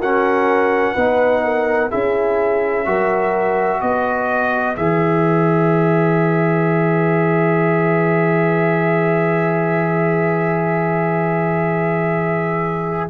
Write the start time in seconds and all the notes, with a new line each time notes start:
0.00 C#4 F#4 A#4 F#5
0.93 B3 D#4 B4
1.44 A#4
1.90 C#4 E4 G#4 E5
2.86 F#3 F#4 A#4
3.81 B3 B4 D#5
4.76 E3 G#4 E5